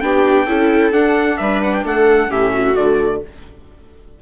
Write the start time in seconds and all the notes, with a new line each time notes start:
0.00 B3 D4 G4 G5
0.46 C#4 E4 A4
0.91 D4 F#5
1.37 G3 B4 E5
1.63 F#5
1.74 G5
1.83 A3 A4 F#5
2.28 A2 C#4 G4 E5
2.52 F#4
2.75 D3 A3 D5